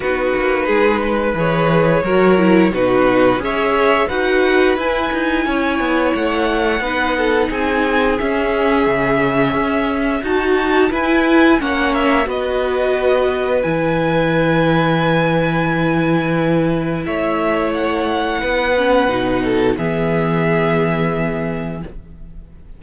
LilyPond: <<
  \new Staff \with { instrumentName = "violin" } { \time 4/4 \tempo 4 = 88 b'2 cis''2 | b'4 e''4 fis''4 gis''4~ | gis''4 fis''2 gis''4 | e''2. a''4 |
gis''4 fis''8 e''8 dis''2 | gis''1~ | gis''4 e''4 fis''2~ | fis''4 e''2. | }
  \new Staff \with { instrumentName = "violin" } { \time 4/4 fis'4 gis'8 b'4. ais'4 | fis'4 cis''4 b'2 | cis''2 b'8 a'8 gis'4~ | gis'2. fis'4 |
b'4 cis''4 b'2~ | b'1~ | b'4 cis''2 b'4~ | b'8 a'8 gis'2. | }
  \new Staff \with { instrumentName = "viola" } { \time 4/4 dis'2 gis'4 fis'8 e'8 | dis'4 gis'4 fis'4 e'4~ | e'2 dis'2 | cis'2. fis'4 |
e'4 cis'4 fis'2 | e'1~ | e'2.~ e'8 cis'8 | dis'4 b2. | }
  \new Staff \with { instrumentName = "cello" } { \time 4/4 b8 ais8 gis4 e4 fis4 | b,4 cis'4 dis'4 e'8 dis'8 | cis'8 b8 a4 b4 c'4 | cis'4 cis4 cis'4 dis'4 |
e'4 ais4 b2 | e1~ | e4 a2 b4 | b,4 e2. | }
>>